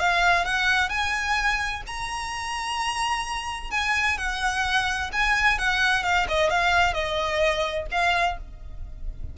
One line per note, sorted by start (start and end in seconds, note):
0.00 0.45 F5
0.45 0.89 F#5
0.89 1.82 G#5
1.87 3.71 A#5
3.71 4.18 G#5
4.18 5.11 F#5
5.13 5.59 G#5
5.59 6.03 F#5
6.03 6.27 F5
6.29 6.50 D#5
6.50 6.94 F5
6.94 7.87 D#5
7.92 8.38 F5